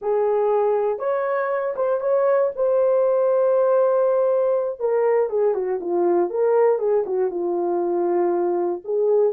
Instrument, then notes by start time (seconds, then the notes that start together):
horn
0.01 G#4
0.98 C#5
1.75 C5
2.00 C#5
2.55 C5
4.79 A#4
5.29 G#4
5.54 F#4
5.80 F4
6.29 A#4
6.78 G#4
7.05 F#4
7.30 F4
8.84 G#4